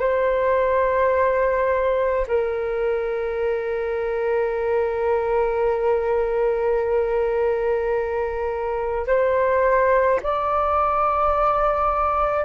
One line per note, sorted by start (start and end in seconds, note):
0.00 2.26 C5
2.28 9.07 A#4
9.07 10.20 C5
10.22 12.45 D5